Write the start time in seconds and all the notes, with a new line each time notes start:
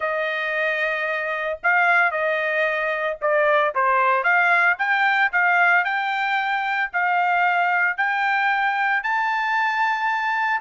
0.00 D#5
1.63 F5
2.11 D#5
3.21 D5
3.74 C5
4.23 F5
4.78 G5
5.32 F5
5.84 G5
6.93 F5
7.97 G5
9.03 A5